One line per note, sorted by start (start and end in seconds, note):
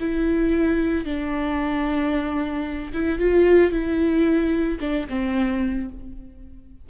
0.00 1.05 E4
1.05 2.93 D4
2.93 3.19 E4
3.19 3.71 F4
3.71 4.78 E4
4.80 5.07 D4
5.09 5.90 C4